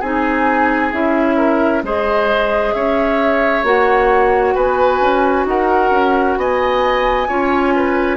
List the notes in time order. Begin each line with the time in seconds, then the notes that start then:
0.00 C4 D#4 G#4 G#5
0.92 C#4 E4 E5
1.37 A#4
1.83 G#3 G#4 C5 D#5
2.73 C#4 C#5 E5
3.64 A#3 F#4 F#5
4.55 B3 B4 G#5
5.01 C#4
5.46 D#4 A#4 F#5
5.91 C#4
6.37 B3 D#5 G#5
7.28 C#4 F4 C#5
7.76 B4